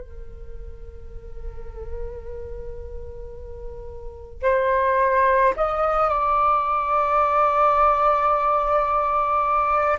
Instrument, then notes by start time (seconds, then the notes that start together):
flute
0.00 A#4
4.42 C5
5.57 D#5
6.09 D5